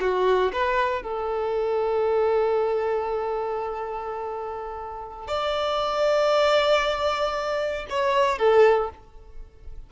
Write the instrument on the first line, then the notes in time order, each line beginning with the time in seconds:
violin
0.00 F#4
0.52 B4
1.02 A4
5.28 D5
7.89 C#5
8.38 A4